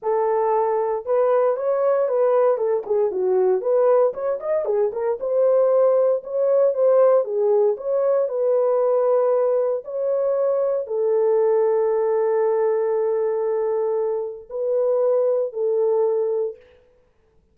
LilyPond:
\new Staff \with { instrumentName = "horn" } { \time 4/4 \tempo 4 = 116 a'2 b'4 cis''4 | b'4 a'8 gis'8 fis'4 b'4 | cis''8 dis''8 gis'8 ais'8 c''2 | cis''4 c''4 gis'4 cis''4 |
b'2. cis''4~ | cis''4 a'2.~ | a'1 | b'2 a'2 | }